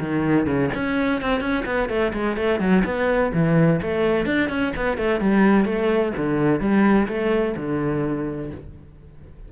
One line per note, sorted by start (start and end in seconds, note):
0.00 0.46 D#3
0.46 0.70 C#3
0.75 1.22 C#4
1.22 1.41 C4
1.41 1.64 C#4
1.66 1.89 B3
1.89 2.12 A3
2.13 2.37 G#3
2.37 2.60 A3
2.60 2.83 F#3
2.85 3.32 B3
3.33 3.81 E3
3.82 4.26 A3
4.26 4.49 D4
4.49 4.73 C#4
4.76 4.97 B3
4.97 5.20 A3
5.20 5.65 G3
5.65 6.12 A3
6.17 6.60 D3
6.60 7.08 G3
7.08 7.55 A3
7.56 8.51 D3